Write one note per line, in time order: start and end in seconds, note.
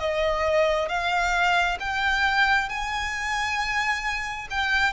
0.00 0.88 D#5
0.88 1.78 F5
1.80 2.69 G5
2.69 4.48 G#5
4.50 4.93 G5